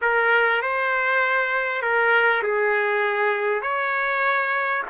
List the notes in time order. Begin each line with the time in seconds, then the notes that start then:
0.01 A#4
0.61 C5
1.82 A#4
2.42 G#4
3.62 C#5